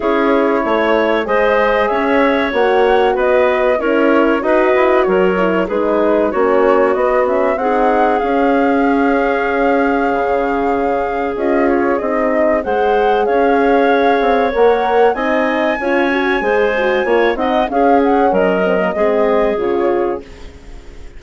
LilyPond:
<<
  \new Staff \with { instrumentName = "flute" } { \time 4/4 \tempo 4 = 95 cis''2 dis''4 e''4 | fis''4 dis''4 cis''4 dis''4 | cis''4 b'4 cis''4 dis''8 e''8 | fis''4 f''2.~ |
f''2 dis''8 cis''8 dis''4 | fis''4 f''2 fis''4 | gis''2.~ gis''8 fis''8 | f''8 fis''8 dis''2 cis''4 | }
  \new Staff \with { instrumentName = "clarinet" } { \time 4/4 gis'4 cis''4 c''4 cis''4~ | cis''4 b'4 ais'4 b'4 | ais'4 gis'4 fis'2 | gis'1~ |
gis'1 | c''4 cis''2. | dis''4 cis''4 c''4 cis''8 dis''8 | gis'4 ais'4 gis'2 | }
  \new Staff \with { instrumentName = "horn" } { \time 4/4 e'2 gis'2 | fis'2 e'4 fis'4~ | fis'8 e'8 dis'4 cis'4 b8 cis'8 | dis'4 cis'2.~ |
cis'2 f'4 dis'4 | gis'2. ais'4 | dis'4 f'8 fis'8 gis'8 fis'8 f'8 dis'8 | cis'4. c'16 ais16 c'4 f'4 | }
  \new Staff \with { instrumentName = "bassoon" } { \time 4/4 cis'4 a4 gis4 cis'4 | ais4 b4 cis'4 dis'8 e'8 | fis4 gis4 ais4 b4 | c'4 cis'2. |
cis2 cis'4 c'4 | gis4 cis'4. c'8 ais4 | c'4 cis'4 gis4 ais8 c'8 | cis'4 fis4 gis4 cis4 | }
>>